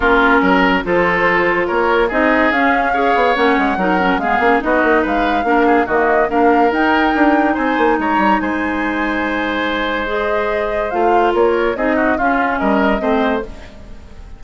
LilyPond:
<<
  \new Staff \with { instrumentName = "flute" } { \time 4/4 \tempo 4 = 143 ais'2 c''2 | cis''4 dis''4 f''2 | fis''2 f''4 dis''4 | f''2 dis''4 f''4 |
g''2 gis''4 ais''4 | gis''1 | dis''2 f''4 cis''4 | dis''4 f''4 dis''2 | }
  \new Staff \with { instrumentName = "oboe" } { \time 4/4 f'4 ais'4 a'2 | ais'4 gis'2 cis''4~ | cis''4 ais'4 gis'4 fis'4 | b'4 ais'8 gis'8 fis'4 ais'4~ |
ais'2 c''4 cis''4 | c''1~ | c''2. ais'4 | gis'8 fis'8 f'4 ais'4 c''4 | }
  \new Staff \with { instrumentName = "clarinet" } { \time 4/4 cis'2 f'2~ | f'4 dis'4 cis'4 gis'4 | cis'4 dis'8 cis'8 b8 cis'8 dis'4~ | dis'4 d'4 ais4 d'4 |
dis'1~ | dis'1 | gis'2 f'2 | dis'4 cis'2 c'4 | }
  \new Staff \with { instrumentName = "bassoon" } { \time 4/4 ais4 fis4 f2 | ais4 c'4 cis'4. b8 | ais8 gis8 fis4 gis8 ais8 b8 ais8 | gis4 ais4 dis4 ais4 |
dis'4 d'4 c'8 ais8 gis8 g8 | gis1~ | gis2 a4 ais4 | c'4 cis'4 g4 a4 | }
>>